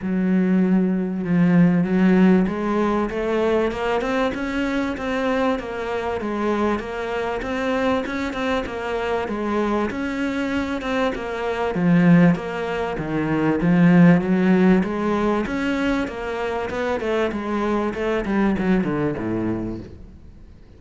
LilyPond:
\new Staff \with { instrumentName = "cello" } { \time 4/4 \tempo 4 = 97 fis2 f4 fis4 | gis4 a4 ais8 c'8 cis'4 | c'4 ais4 gis4 ais4 | c'4 cis'8 c'8 ais4 gis4 |
cis'4. c'8 ais4 f4 | ais4 dis4 f4 fis4 | gis4 cis'4 ais4 b8 a8 | gis4 a8 g8 fis8 d8 a,4 | }